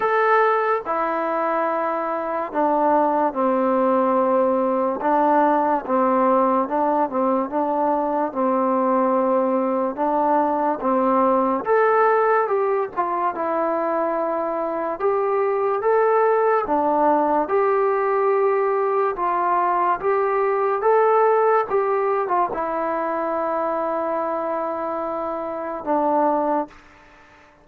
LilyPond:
\new Staff \with { instrumentName = "trombone" } { \time 4/4 \tempo 4 = 72 a'4 e'2 d'4 | c'2 d'4 c'4 | d'8 c'8 d'4 c'2 | d'4 c'4 a'4 g'8 f'8 |
e'2 g'4 a'4 | d'4 g'2 f'4 | g'4 a'4 g'8. f'16 e'4~ | e'2. d'4 | }